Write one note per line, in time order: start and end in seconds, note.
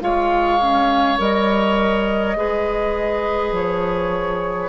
0.00 1.18 G#3
0.00 0.59 F4
0.00 2.37 C#5
0.00 1.19 F5
0.60 1.18 C#4
1.18 2.35 G3
1.18 2.36 A#4
1.18 3.54 D#5
2.35 3.51 G#3
2.35 4.69 G#4
2.35 4.69 B4
3.51 4.69 F3
3.51 4.69 C#5